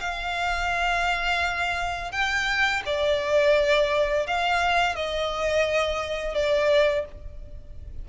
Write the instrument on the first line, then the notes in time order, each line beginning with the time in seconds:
violin
0.00 F5
2.11 G5
2.86 D5
4.27 F5
4.96 D#5
6.35 D5